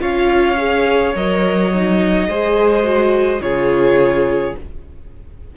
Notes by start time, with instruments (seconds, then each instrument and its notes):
0.00 cello C#4, viola F4, violin C#5 F5
0.58 viola G#4
1.15 cello F#3, viola A#4, violin D#5
1.74 viola D#4
2.28 cello G#3, viola G#4, violin C5
2.83 viola F#4
3.40 cello C#3, viola F4, violin G#4 C#5